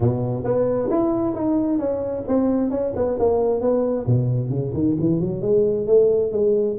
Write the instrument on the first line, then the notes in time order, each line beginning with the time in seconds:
tuba
0.00 B2
0.44 B3
0.90 E4
1.34 D#4
1.79 C#4
2.27 C4
2.70 C#4
2.95 B3
3.19 A#3
3.60 B3
4.06 B2
4.49 C#3
4.73 D#3
5.00 E3
5.20 F#3
5.41 G#3
5.86 A3
6.32 G#3